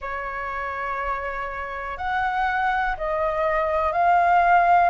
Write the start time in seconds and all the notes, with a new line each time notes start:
0.00 C#5
1.97 F#5
2.97 D#5
3.92 F5